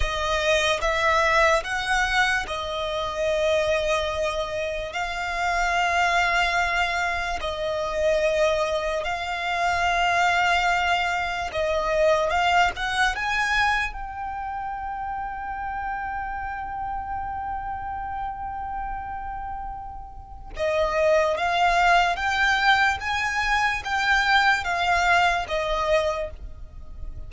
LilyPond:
\new Staff \with { instrumentName = "violin" } { \time 4/4 \tempo 4 = 73 dis''4 e''4 fis''4 dis''4~ | dis''2 f''2~ | f''4 dis''2 f''4~ | f''2 dis''4 f''8 fis''8 |
gis''4 g''2.~ | g''1~ | g''4 dis''4 f''4 g''4 | gis''4 g''4 f''4 dis''4 | }